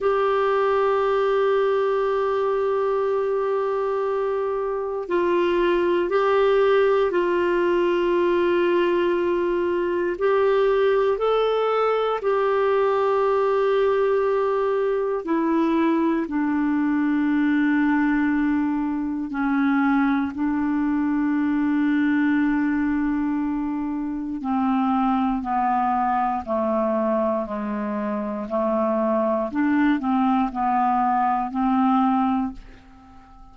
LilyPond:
\new Staff \with { instrumentName = "clarinet" } { \time 4/4 \tempo 4 = 59 g'1~ | g'4 f'4 g'4 f'4~ | f'2 g'4 a'4 | g'2. e'4 |
d'2. cis'4 | d'1 | c'4 b4 a4 gis4 | a4 d'8 c'8 b4 c'4 | }